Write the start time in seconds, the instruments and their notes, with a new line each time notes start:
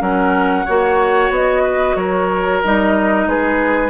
0.00 bassoon F#3, clarinet C#4, oboe A#4, flute F#5
0.66 bassoon A#3, clarinet F#4, oboe C#5
1.31 bassoon B3, flute D#5
1.63 oboe B4
1.96 bassoon F#3, oboe A#4, flute C#5
2.64 bassoon G3, clarinet D#4, flute D#5
3.27 bassoon G#3, oboe G#4, flute B4